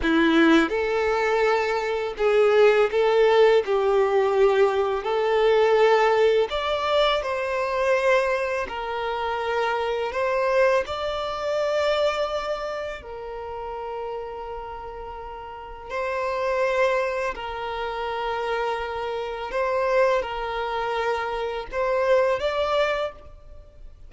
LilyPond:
\new Staff \with { instrumentName = "violin" } { \time 4/4 \tempo 4 = 83 e'4 a'2 gis'4 | a'4 g'2 a'4~ | a'4 d''4 c''2 | ais'2 c''4 d''4~ |
d''2 ais'2~ | ais'2 c''2 | ais'2. c''4 | ais'2 c''4 d''4 | }